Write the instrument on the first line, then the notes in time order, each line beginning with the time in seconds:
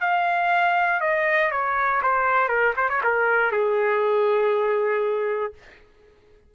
trumpet
0.00 F5
1.00 D#5
1.51 C#5
2.02 C5
2.48 A#4
2.76 C5
2.89 C#5
3.03 A#4
3.51 G#4